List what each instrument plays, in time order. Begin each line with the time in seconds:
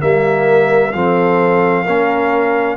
0.00 tuba G3, trombone A#3, horn A#4, trumpet E5
0.92 tuba F3, trombone C4, horn A4, trumpet F5
1.84 tuba A#3, trombone C#4, horn A#4